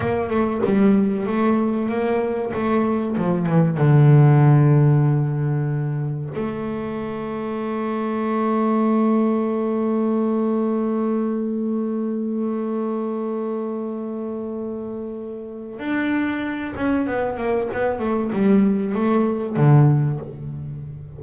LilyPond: \new Staff \with { instrumentName = "double bass" } { \time 4/4 \tempo 4 = 95 ais8 a8 g4 a4 ais4 | a4 f8 e8 d2~ | d2 a2~ | a1~ |
a1~ | a1~ | a4 d'4. cis'8 b8 ais8 | b8 a8 g4 a4 d4 | }